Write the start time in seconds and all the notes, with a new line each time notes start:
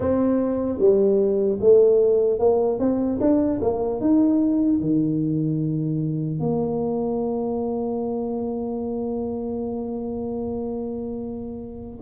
0.00 C4
0.79 G3
1.60 A3
2.39 A#3
2.79 C4
3.20 D4
3.61 A#3
4.00 D#4
4.80 D#3
6.39 A#3